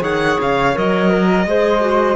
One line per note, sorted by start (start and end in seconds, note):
0.00 0.37 D#3
0.00 0.72 G#4
0.00 1.09 C#5
0.00 0.39 F#5
0.39 0.75 C#3
0.39 0.77 F5
0.73 1.45 F#3
0.73 1.45 A#4
0.73 2.16 D#5
1.09 1.45 A#4
1.45 2.16 G#3
1.45 1.80 G#4
1.45 2.16 C5
1.80 2.16 F#4